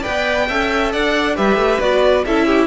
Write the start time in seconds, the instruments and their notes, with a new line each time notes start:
0.00 viola B4, violin D5 G5
0.07 cello B3
0.48 cello C#4, viola A4, violin E5
0.92 cello D4, violin D5 F#5
1.36 cello G3, viola G4, violin B4 E5
1.56 cello A3
1.80 cello B3, viola F#4, violin D5
2.25 cello C#4, viola E4, violin A4 E5
2.46 violin G4